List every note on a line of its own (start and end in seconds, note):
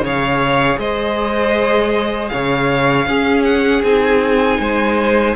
0.00 0.76 C#3
0.00 3.07 G#4
0.00 0.79 C#5
0.06 0.79 F5
0.78 2.30 G#3
0.78 2.31 C5
0.78 2.28 D#5
2.28 3.06 C#3
2.28 3.08 C#5
2.28 3.42 F5
3.06 3.82 C#4
3.06 3.83 C#4
3.06 4.59 G#4
3.44 3.82 F#5
3.83 4.59 C4
3.83 5.35 D#4
3.83 5.35 G#5
4.59 5.35 G#3
4.59 5.35 C5